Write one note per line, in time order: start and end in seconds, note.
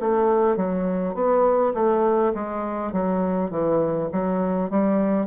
0.00 0.56 A3
0.56 1.14 F#3
1.14 1.73 B3
1.74 2.33 A3
2.34 2.93 G#3
2.93 3.50 F#3
3.50 4.09 E3
4.12 4.70 F#3
4.70 5.27 G3